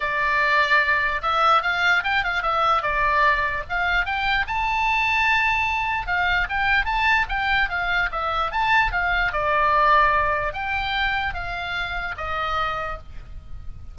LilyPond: \new Staff \with { instrumentName = "oboe" } { \time 4/4 \tempo 4 = 148 d''2. e''4 | f''4 g''8 f''8 e''4 d''4~ | d''4 f''4 g''4 a''4~ | a''2. f''4 |
g''4 a''4 g''4 f''4 | e''4 a''4 f''4 d''4~ | d''2 g''2 | f''2 dis''2 | }